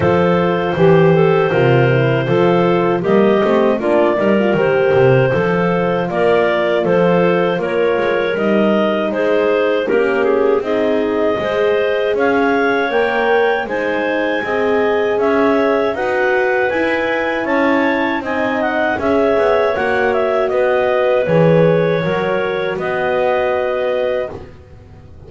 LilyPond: <<
  \new Staff \with { instrumentName = "clarinet" } { \time 4/4 \tempo 4 = 79 c''1 | dis''4 d''4 c''2 | d''4 c''4 cis''4 dis''4 | c''4 ais'8 gis'8 dis''2 |
f''4 g''4 gis''2 | e''4 fis''4 gis''4 a''4 | gis''8 fis''8 e''4 fis''8 e''8 dis''4 | cis''2 dis''2 | }
  \new Staff \with { instrumentName = "clarinet" } { \time 4/4 a'4 g'8 a'8 ais'4 a'4 | g'4 f'8 ais'4. a'4 | ais'4 a'4 ais'2 | gis'4 g'4 gis'4 c''4 |
cis''2 c''4 dis''4 | cis''4 b'2 cis''4 | dis''4 cis''2 b'4~ | b'4 ais'4 b'2 | }
  \new Staff \with { instrumentName = "horn" } { \time 4/4 f'4 g'4 f'8 e'8 f'4 | ais8 c'8 d'8 dis'16 f'16 g'4 f'4~ | f'2. dis'4~ | dis'4 cis'4 dis'4 gis'4~ |
gis'4 ais'4 dis'4 gis'4~ | gis'4 fis'4 e'2 | dis'4 gis'4 fis'2 | gis'4 fis'2. | }
  \new Staff \with { instrumentName = "double bass" } { \time 4/4 f4 e4 c4 f4 | g8 a8 ais8 g8 dis8 c8 f4 | ais4 f4 ais8 gis8 g4 | gis4 ais4 c'4 gis4 |
cis'4 ais4 gis4 c'4 | cis'4 dis'4 e'4 cis'4 | c'4 cis'8 b8 ais4 b4 | e4 fis4 b2 | }
>>